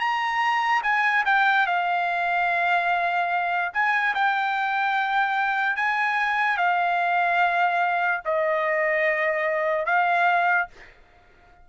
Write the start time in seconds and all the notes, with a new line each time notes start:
0.00 A#5
0.84 G#5
1.26 G5
1.67 F5
3.74 G#5
4.15 G5
5.77 G#5
6.58 F5
8.26 D#5
9.86 F5